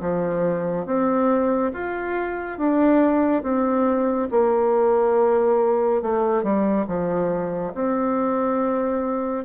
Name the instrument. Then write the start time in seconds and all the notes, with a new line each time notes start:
bassoon
0.00 F3
0.86 C4
1.73 F4
2.58 D4
3.42 C4
4.31 A#3
6.02 A3
6.43 G3
6.87 F3
7.74 C4